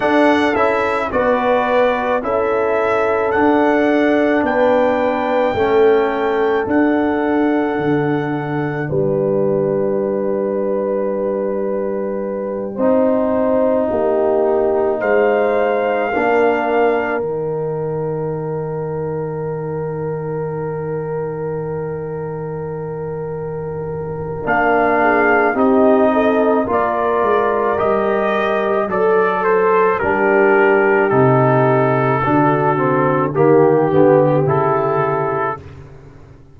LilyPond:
<<
  \new Staff \with { instrumentName = "trumpet" } { \time 4/4 \tempo 4 = 54 fis''8 e''8 d''4 e''4 fis''4 | g''2 fis''2 | g''1~ | g''4. f''2 g''8~ |
g''1~ | g''2 f''4 dis''4 | d''4 dis''4 d''8 c''8 ais'4 | a'2 g'4 a'4 | }
  \new Staff \with { instrumentName = "horn" } { \time 4/4 a'4 b'4 a'2 | b'4 a'2. | b'2.~ b'8 c''8~ | c''8 g'4 c''4 ais'4.~ |
ais'1~ | ais'2~ ais'8 gis'8 g'8 a'8 | ais'2 a'4 g'4~ | g'4 fis'4 g'2 | }
  \new Staff \with { instrumentName = "trombone" } { \time 4/4 d'8 e'8 fis'4 e'4 d'4~ | d'4 cis'4 d'2~ | d'2.~ d'8 dis'8~ | dis'2~ dis'8 d'4 dis'8~ |
dis'1~ | dis'2 d'4 dis'4 | f'4 g'4 a'4 d'4 | dis'4 d'8 c'8 ais8 b8 e'4 | }
  \new Staff \with { instrumentName = "tuba" } { \time 4/4 d'8 cis'8 b4 cis'4 d'4 | b4 a4 d'4 d4 | g2.~ g8 c'8~ | c'8 ais4 gis4 ais4 dis8~ |
dis1~ | dis2 ais4 c'4 | ais8 gis8 g4 fis4 g4 | c4 d4 dis8 d8 cis4 | }
>>